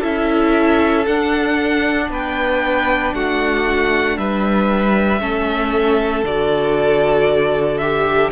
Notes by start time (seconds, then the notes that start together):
0.00 C#4 E4 A4 E5
1.06 D4 F#5
2.09 B3 B4 G5
3.14 A3 F#4 F#5
4.17 G3 B4 E5
5.20 A3 C#4 A4
6.24 D3 F#4 D5
7.78 G4 E5